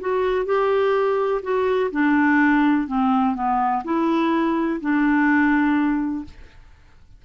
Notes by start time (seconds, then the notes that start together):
0.00 F#4
0.45 G4
1.42 F#4
1.91 D4
2.87 C4
3.35 B3
3.84 E4
4.80 D4